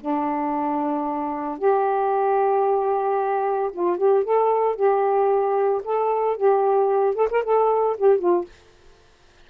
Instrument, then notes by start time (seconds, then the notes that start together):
saxophone
0.00 D4
1.58 G4
3.72 F4
3.97 G4
4.23 A4
4.75 G4
5.84 A4
6.36 G4
7.15 A4
7.30 A#4
7.43 A4
7.97 G4
8.18 F4